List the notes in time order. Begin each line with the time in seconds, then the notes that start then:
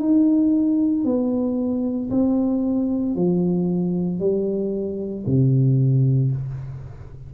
0.00 D#4
1.05 B3
2.11 C4
3.16 F3
4.20 G3
5.27 C3